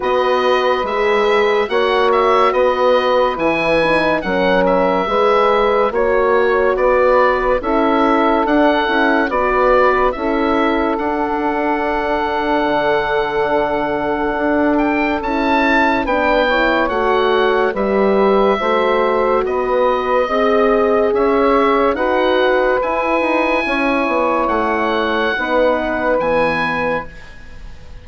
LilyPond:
<<
  \new Staff \with { instrumentName = "oboe" } { \time 4/4 \tempo 4 = 71 dis''4 e''4 fis''8 e''8 dis''4 | gis''4 fis''8 e''4. cis''4 | d''4 e''4 fis''4 d''4 | e''4 fis''2.~ |
fis''4. g''8 a''4 g''4 | fis''4 e''2 dis''4~ | dis''4 e''4 fis''4 gis''4~ | gis''4 fis''2 gis''4 | }
  \new Staff \with { instrumentName = "saxophone" } { \time 4/4 b'2 cis''4 b'4~ | b'4 ais'4 b'4 cis''4 | b'4 a'2 b'4 | a'1~ |
a'2. b'8 cis''8~ | cis''4 b'4 c''4 b'4 | dis''4 cis''4 b'2 | cis''2 b'2 | }
  \new Staff \with { instrumentName = "horn" } { \time 4/4 fis'4 gis'4 fis'2 | e'8 dis'8 cis'4 gis'4 fis'4~ | fis'4 e'4 d'8 e'8 fis'4 | e'4 d'2.~ |
d'2 e'4 d'8 e'8 | fis'4 g'4 fis'2 | gis'2 fis'4 e'4~ | e'2 dis'4 b4 | }
  \new Staff \with { instrumentName = "bassoon" } { \time 4/4 b4 gis4 ais4 b4 | e4 fis4 gis4 ais4 | b4 cis'4 d'8 cis'8 b4 | cis'4 d'2 d4~ |
d4 d'4 cis'4 b4 | a4 g4 a4 b4 | c'4 cis'4 dis'4 e'8 dis'8 | cis'8 b8 a4 b4 e4 | }
>>